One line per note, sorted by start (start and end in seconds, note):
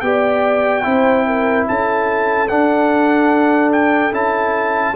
0.00 0.84 B3
0.00 0.82 G4
0.00 0.85 D5
0.00 1.64 G5
0.82 1.67 C4
0.82 2.47 E4
0.82 1.26 C5
1.26 1.67 A#4
1.68 2.51 C#4
1.68 4.95 A4
1.68 2.48 A5
2.48 4.12 D4
2.48 3.71 F#5
3.72 4.13 G5
4.12 4.94 C#4
4.12 4.94 E4
4.12 4.95 A5